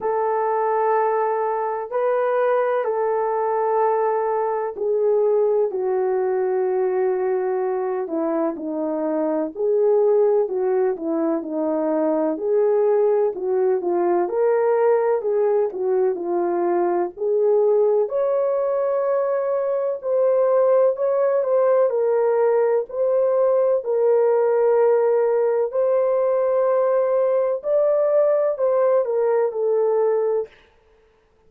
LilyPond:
\new Staff \with { instrumentName = "horn" } { \time 4/4 \tempo 4 = 63 a'2 b'4 a'4~ | a'4 gis'4 fis'2~ | fis'8 e'8 dis'4 gis'4 fis'8 e'8 | dis'4 gis'4 fis'8 f'8 ais'4 |
gis'8 fis'8 f'4 gis'4 cis''4~ | cis''4 c''4 cis''8 c''8 ais'4 | c''4 ais'2 c''4~ | c''4 d''4 c''8 ais'8 a'4 | }